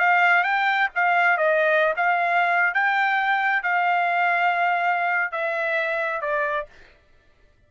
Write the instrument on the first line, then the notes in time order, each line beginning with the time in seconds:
trumpet
0.00 F5
0.44 G5
0.96 F5
1.38 D#5
1.97 F5
2.75 G5
3.63 F5
5.32 E5
6.22 D5